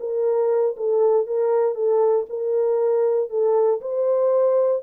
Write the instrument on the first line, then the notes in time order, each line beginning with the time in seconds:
horn
0.00 A#4
0.77 A4
1.27 A#4
1.75 A4
2.30 A#4
3.30 A4
3.81 C5